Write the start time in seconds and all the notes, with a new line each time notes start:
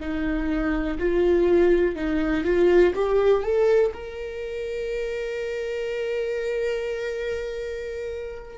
0.00 D#4
0.99 F4
1.96 D#4
2.45 F4
2.95 G4
3.44 A4
3.94 A#4